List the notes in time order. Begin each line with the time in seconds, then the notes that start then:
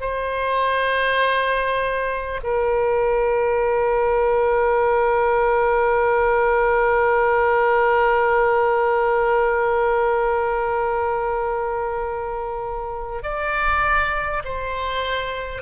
0.00 C5
2.43 A#4
13.22 D5
14.44 C5